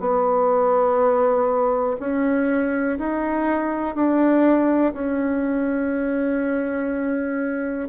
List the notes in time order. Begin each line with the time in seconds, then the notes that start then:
0.00 B3
2.00 C#4
2.99 D#4
3.95 D4
4.94 C#4